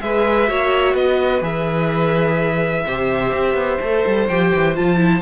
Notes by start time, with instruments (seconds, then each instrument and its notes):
0.00 cello G#3, viola G#4, violin B4 E5
0.48 cello A#3, viola F#4, violin C#5
0.94 cello B3, violin B4 D#5
1.42 cello E3, viola G#4, violin E5
2.86 cello C3, viola G4, violin C5
3.33 cello C4
3.54 cello B3
3.81 cello A3, viola A4
4.06 cello G3
4.28 cello F3, viola G4, violin G5
4.54 cello E3
4.75 cello F3, viola F4, violin A5
4.97 viola E4